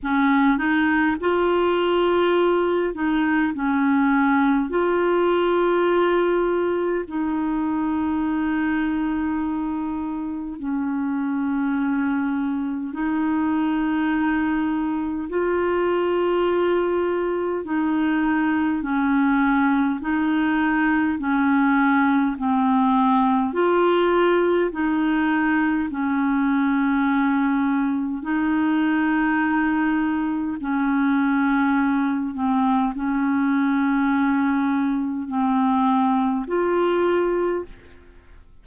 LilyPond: \new Staff \with { instrumentName = "clarinet" } { \time 4/4 \tempo 4 = 51 cis'8 dis'8 f'4. dis'8 cis'4 | f'2 dis'2~ | dis'4 cis'2 dis'4~ | dis'4 f'2 dis'4 |
cis'4 dis'4 cis'4 c'4 | f'4 dis'4 cis'2 | dis'2 cis'4. c'8 | cis'2 c'4 f'4 | }